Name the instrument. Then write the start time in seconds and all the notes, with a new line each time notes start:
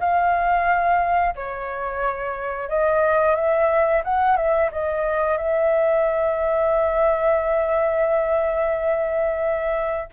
flute
0.00 F5
1.36 C#5
2.69 D#5
3.35 E5
4.04 F#5
4.37 E5
4.72 D#5
5.37 E5